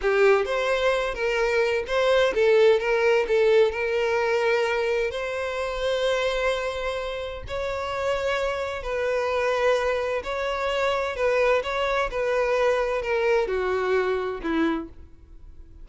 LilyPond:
\new Staff \with { instrumentName = "violin" } { \time 4/4 \tempo 4 = 129 g'4 c''4. ais'4. | c''4 a'4 ais'4 a'4 | ais'2. c''4~ | c''1 |
cis''2. b'4~ | b'2 cis''2 | b'4 cis''4 b'2 | ais'4 fis'2 e'4 | }